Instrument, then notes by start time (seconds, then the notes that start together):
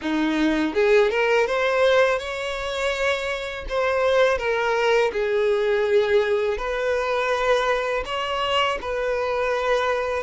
violin
0.01 D#4
0.74 G#4
1.10 A#4
1.46 C5
2.19 C#5
3.68 C5
4.37 A#4
5.12 G#4
6.57 B4
8.05 C#5
8.81 B4